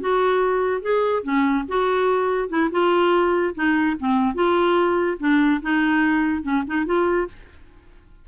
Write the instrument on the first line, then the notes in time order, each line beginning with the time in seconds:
clarinet
0.00 F#4
0.82 G#4
1.23 C#4
1.68 F#4
2.49 E4
2.71 F4
3.55 D#4
3.99 C4
4.34 F4
5.19 D4
5.62 D#4
6.42 C#4
6.66 D#4
6.86 F4